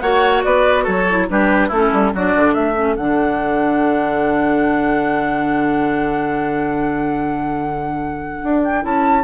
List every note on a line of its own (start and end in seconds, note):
0.00 0.44 A#3
0.00 1.07 F#4
0.00 0.44 C#5
0.00 0.42 F#5
0.44 0.87 B3
0.44 0.84 B4
0.44 0.86 D5
0.84 1.29 F#3
0.84 1.26 A4
0.84 1.29 C#5
1.09 1.28 E4
1.28 1.70 G3
1.28 1.70 D4
1.28 1.68 G4
1.28 1.71 B4
1.68 1.91 A3
1.68 2.15 C#4
1.68 2.10 E4
1.68 2.15 A4
1.92 2.13 G3
2.14 2.35 F#3
2.14 2.75 D4
2.14 2.53 F#4
2.14 2.53 D5
2.35 2.55 D3
2.53 2.96 A3
2.53 9.23 A4
2.53 2.95 E5
2.75 2.96 C#4
2.96 8.42 D3
2.96 8.82 D4
2.96 8.62 F#5
8.43 8.84 D4
8.64 8.85 G5
8.82 9.23 C#4
8.82 9.23 E4
8.82 9.23 A5